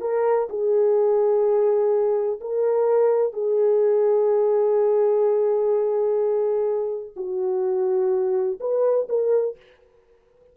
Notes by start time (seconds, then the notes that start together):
0.00 A#4
0.49 G#4
2.40 A#4
3.33 G#4
7.16 F#4
8.60 B4
9.09 A#4